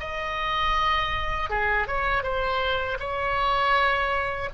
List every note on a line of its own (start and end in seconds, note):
0.00 1.50 D#5
1.50 1.88 G#4
1.88 2.23 C#5
2.23 2.98 C5
3.00 4.50 C#5